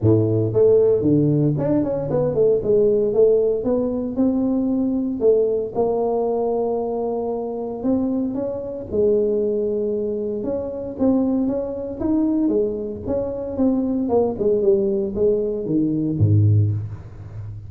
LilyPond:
\new Staff \with { instrumentName = "tuba" } { \time 4/4 \tempo 4 = 115 a,4 a4 d4 d'8 cis'8 | b8 a8 gis4 a4 b4 | c'2 a4 ais4~ | ais2. c'4 |
cis'4 gis2. | cis'4 c'4 cis'4 dis'4 | gis4 cis'4 c'4 ais8 gis8 | g4 gis4 dis4 gis,4 | }